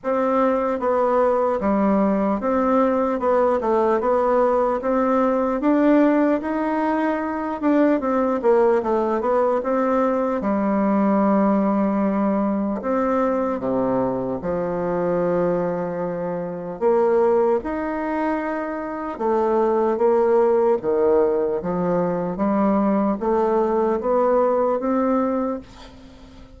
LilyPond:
\new Staff \with { instrumentName = "bassoon" } { \time 4/4 \tempo 4 = 75 c'4 b4 g4 c'4 | b8 a8 b4 c'4 d'4 | dis'4. d'8 c'8 ais8 a8 b8 | c'4 g2. |
c'4 c4 f2~ | f4 ais4 dis'2 | a4 ais4 dis4 f4 | g4 a4 b4 c'4 | }